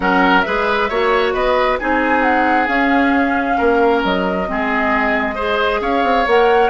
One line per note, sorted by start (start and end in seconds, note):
0.00 0.44 F#3
0.00 0.43 C#4
0.00 0.46 A#4
0.00 0.41 F#5
0.41 0.89 G#4
0.41 0.89 B4
0.41 1.30 E5
0.47 0.90 G#3
0.89 1.33 A#3
0.89 1.79 F#4
0.89 1.33 C#5
1.33 1.78 B3
1.33 1.78 B4
1.33 1.78 D#5
1.79 2.68 C4
1.79 2.66 D#4
1.79 3.57 G#4
1.79 2.22 G#5
2.22 2.67 F#5
2.66 4.45 C#4
2.66 3.57 C#4
2.66 4.02 F5
3.57 4.04 A#3
3.57 4.47 A#4
4.03 4.49 F#3
4.03 5.82 D#5
4.46 5.80 G#3
4.46 5.36 C4
4.46 5.35 G#4
5.35 6.25 G#4
5.35 5.80 C5
5.80 6.03 C#4
5.80 6.70 C#5
5.80 6.26 F5
6.03 6.25 C4
6.26 6.70 A#3
6.26 6.70 A#4
6.26 6.70 F#5